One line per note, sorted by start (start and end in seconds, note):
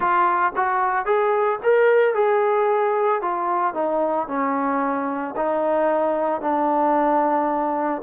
0.00 0.52 F4
0.56 1.05 F#4
1.05 1.59 G#4
1.63 2.14 A#4
2.14 3.21 G#4
3.21 3.74 F4
3.74 4.27 D#4
4.27 5.34 C#4
5.36 6.41 D#4
6.41 8.01 D4